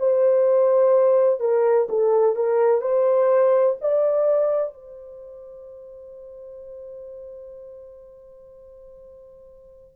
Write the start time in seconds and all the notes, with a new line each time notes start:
0.00 C5
1.40 A#4
1.90 A4
2.36 A#4
2.81 C5
3.82 D5
4.74 C5